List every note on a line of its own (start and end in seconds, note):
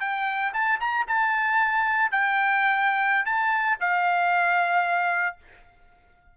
0.00 0.52 G5
0.53 0.79 A5
0.80 1.06 A#5
1.07 2.11 A5
2.11 3.25 G5
3.25 3.77 A5
3.80 5.36 F5